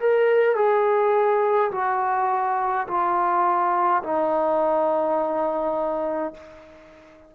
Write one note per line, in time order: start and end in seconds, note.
0.00 0.56 A#4
0.56 1.72 G#4
1.72 2.87 F#4
2.88 4.03 F4
4.03 6.34 D#4